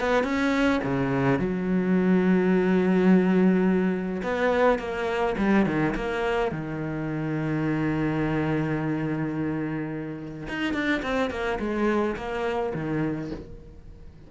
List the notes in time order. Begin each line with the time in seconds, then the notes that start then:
0.00 B3
0.24 C#4
0.84 C#3
1.39 F#3
4.23 B3
4.79 A#3
5.38 G3
5.66 D#3
5.95 A#3
6.51 D#3
10.48 D#4
10.73 D4
11.02 C4
11.30 A#3
11.60 G#3
12.16 A#3
12.74 D#3